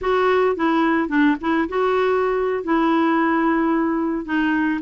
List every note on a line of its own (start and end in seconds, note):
0.01 0.56 F#4
0.56 1.08 E4
1.08 1.36 D4
1.40 1.68 E4
1.68 2.63 F#4
2.63 4.25 E4
4.25 4.80 D#4